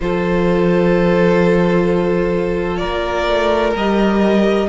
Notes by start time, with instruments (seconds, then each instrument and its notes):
0.00 cello F3, viola F4, violin A4 C5
2.77 cello A#3, violin A#4 D5
3.28 cello A3
3.75 cello G3, viola G4, violin D#5